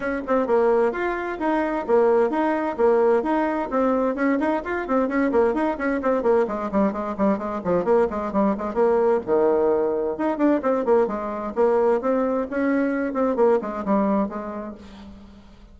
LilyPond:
\new Staff \with { instrumentName = "bassoon" } { \time 4/4 \tempo 4 = 130 cis'8 c'8 ais4 f'4 dis'4 | ais4 dis'4 ais4 dis'4 | c'4 cis'8 dis'8 f'8 c'8 cis'8 ais8 | dis'8 cis'8 c'8 ais8 gis8 g8 gis8 g8 |
gis8 f8 ais8 gis8 g8 gis8 ais4 | dis2 dis'8 d'8 c'8 ais8 | gis4 ais4 c'4 cis'4~ | cis'8 c'8 ais8 gis8 g4 gis4 | }